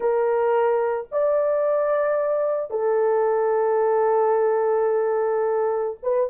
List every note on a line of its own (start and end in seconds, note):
0.00 1.07 A#4
1.11 2.70 D5
2.70 5.97 A4
6.02 6.30 B4